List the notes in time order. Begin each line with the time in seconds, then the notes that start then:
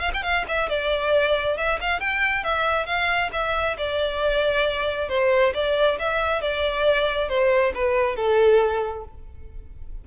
0.00 F5
0.13 G5
0.23 F5
0.48 E5
0.69 D5
1.57 E5
1.81 F5
2.00 G5
2.44 E5
2.86 F5
3.32 E5
3.77 D5
5.09 C5
5.54 D5
5.98 E5
6.42 D5
7.29 C5
7.74 B4
8.16 A4